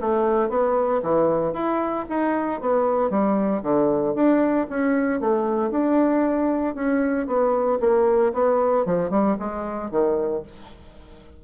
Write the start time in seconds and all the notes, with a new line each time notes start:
0.00 A3
0.49 B3
1.02 E3
1.53 E4
2.09 D#4
2.60 B3
3.09 G3
3.62 D3
4.14 D4
4.69 C#4
5.20 A3
5.70 D4
6.74 C#4
7.26 B3
7.80 A#3
8.33 B3
8.85 F3
9.10 G3
9.39 G#3
9.90 D#3